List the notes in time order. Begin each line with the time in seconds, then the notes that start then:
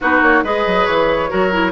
0.00 B3 D#4 F#4 B4
0.21 A#3 C#5
0.43 G#3 G#4 B4 D#5
0.66 F#3
0.85 E3 C#5
1.29 F#3 F#4 A#4
1.51 E4